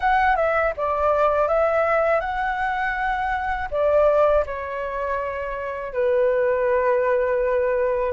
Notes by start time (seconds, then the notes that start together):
0.00 F#5
0.36 E5
0.76 D5
1.47 E5
2.20 F#5
3.70 D5
4.45 C#5
5.93 B4